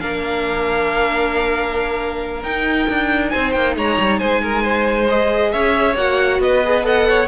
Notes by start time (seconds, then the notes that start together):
0.00 A#3 D4 A#4 F5
2.43 D#4 G5
2.89 D4
3.29 C4 C5 G#5
3.51 A#3 G5
3.76 G#3 C#5 A#5
3.98 G3
4.18 G#3 C5 G#5
4.42 A#4
4.62 C5
5.07 G#4 D#5
5.51 C#4 C#5 E5
5.95 A#3 F#4 F#5
6.39 B3 B4 D#5
6.64 G#4
6.83 A4 D#5 F#5
7.09 C#5